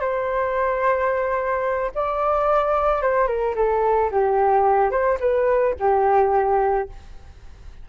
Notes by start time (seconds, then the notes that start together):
0.00 C5
1.94 D5
3.02 C5
3.27 A#4
3.56 A4
4.11 G4
4.91 C5
5.20 B4
5.79 G4